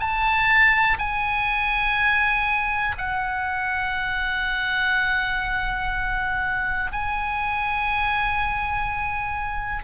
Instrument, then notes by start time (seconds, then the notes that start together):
oboe
0.00 A5
0.99 G#5
2.98 F#5
6.92 G#5